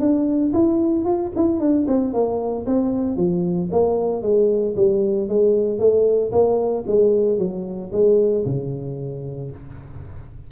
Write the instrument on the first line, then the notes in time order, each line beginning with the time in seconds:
tuba
0.00 D4
0.54 E4
1.06 F4
1.36 E4
1.60 D4
1.88 C4
2.14 A#3
2.67 C4
3.17 F3
3.72 A#3
4.23 G#3
4.77 G3
5.29 G#3
5.79 A3
6.32 A#3
6.88 G#3
7.39 F#3
7.93 G#3
8.46 C#3